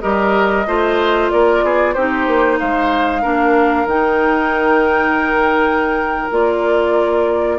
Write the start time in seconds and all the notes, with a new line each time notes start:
0.00 G3 G4 A#4 D#5
0.66 A3 F4 C5
1.30 A#3 A#4 D5
1.63 B3 G#4
1.93 C4 D#4 G4 C5
2.27 A#3
2.59 G#3 C5 F5
3.22 A#3 D4 A#4
3.85 D#3 D#4 G5
6.31 A#3 F4 D5